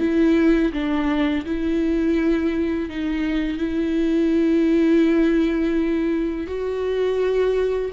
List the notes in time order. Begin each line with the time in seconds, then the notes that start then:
0.00 E4
0.73 D4
1.46 E4
2.90 D#4
3.58 E4
6.47 F#4